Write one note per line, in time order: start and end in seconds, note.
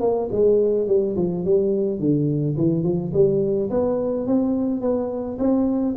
0.00 0.28 A#3
0.31 0.87 G#3
0.87 1.16 G3
1.16 1.44 F3
1.45 1.99 G3
1.99 2.56 D3
2.57 2.84 E3
2.84 3.12 F3
3.13 3.70 G3
3.70 4.27 B3
4.27 4.81 C4
4.81 5.37 B3
5.39 5.95 C4